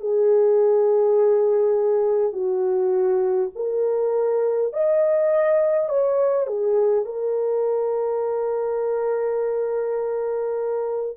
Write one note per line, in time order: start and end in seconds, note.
0.00 2.33 G#4
2.33 3.50 F#4
3.56 4.73 A#4
4.73 5.89 D#5
5.89 6.47 C#5
6.47 7.05 G#4
7.05 11.17 A#4